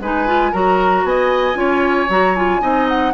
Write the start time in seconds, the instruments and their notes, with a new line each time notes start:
0.00 bassoon G#3, clarinet D#4, oboe B4, flute G#5
0.27 clarinet F4
0.52 bassoon F#3, clarinet F#4, oboe A#4, flute A#5
1.04 bassoon B3, oboe D#5, flute G#5
1.54 bassoon C#4, clarinet F4, oboe C#5
2.09 bassoon F#3, clarinet F#4, flute A#5
2.36 clarinet F4, flute G#5
2.61 bassoon C4, clarinet D#4, oboe D#5
2.89 flute F#5